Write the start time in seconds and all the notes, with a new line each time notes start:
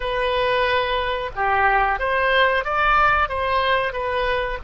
0.00 B4
1.35 G4
1.99 C5
2.64 D5
3.28 C5
3.93 B4